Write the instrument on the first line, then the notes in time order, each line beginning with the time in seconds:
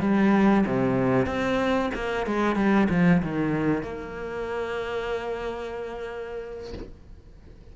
cello
0.00 G3
0.66 C3
1.26 C4
1.94 A#3
2.26 G#3
2.56 G3
2.90 F3
3.22 D#3
3.83 A#3